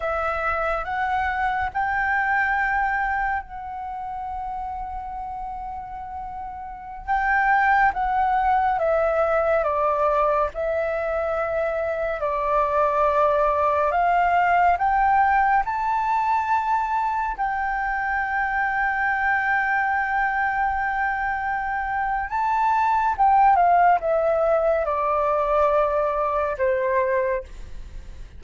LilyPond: \new Staff \with { instrumentName = "flute" } { \time 4/4 \tempo 4 = 70 e''4 fis''4 g''2 | fis''1~ | fis''16 g''4 fis''4 e''4 d''8.~ | d''16 e''2 d''4.~ d''16~ |
d''16 f''4 g''4 a''4.~ a''16~ | a''16 g''2.~ g''8.~ | g''2 a''4 g''8 f''8 | e''4 d''2 c''4 | }